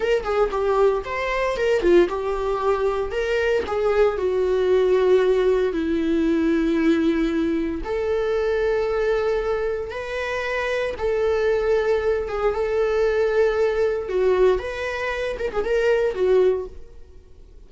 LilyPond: \new Staff \with { instrumentName = "viola" } { \time 4/4 \tempo 4 = 115 ais'8 gis'8 g'4 c''4 ais'8 f'8 | g'2 ais'4 gis'4 | fis'2. e'4~ | e'2. a'4~ |
a'2. b'4~ | b'4 a'2~ a'8 gis'8 | a'2. fis'4 | b'4. ais'16 gis'16 ais'4 fis'4 | }